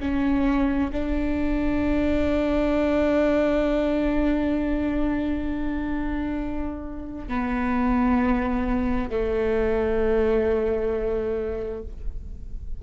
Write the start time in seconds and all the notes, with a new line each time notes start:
0.00 C#4
0.92 D4
7.29 B3
9.10 A3